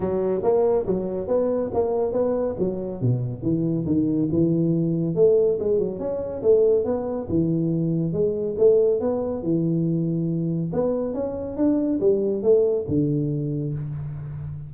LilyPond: \new Staff \with { instrumentName = "tuba" } { \time 4/4 \tempo 4 = 140 fis4 ais4 fis4 b4 | ais4 b4 fis4 b,4 | e4 dis4 e2 | a4 gis8 fis8 cis'4 a4 |
b4 e2 gis4 | a4 b4 e2~ | e4 b4 cis'4 d'4 | g4 a4 d2 | }